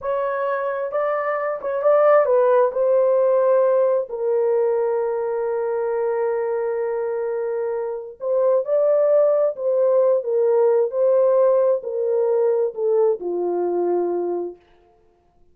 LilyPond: \new Staff \with { instrumentName = "horn" } { \time 4/4 \tempo 4 = 132 cis''2 d''4. cis''8 | d''4 b'4 c''2~ | c''4 ais'2.~ | ais'1~ |
ais'2 c''4 d''4~ | d''4 c''4. ais'4. | c''2 ais'2 | a'4 f'2. | }